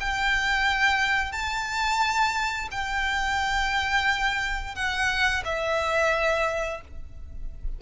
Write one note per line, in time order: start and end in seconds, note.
0.00 1.32 G5
1.32 2.68 A5
2.71 4.75 G5
4.75 5.43 F#5
5.45 6.81 E5